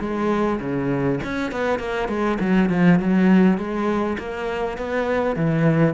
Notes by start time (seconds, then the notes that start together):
0.00 G#3
0.60 C#3
1.24 C#4
1.51 B3
1.79 A#3
2.08 G#3
2.40 F#3
2.69 F3
2.99 F#3
3.58 G#3
4.18 A#3
4.77 B3
5.36 E3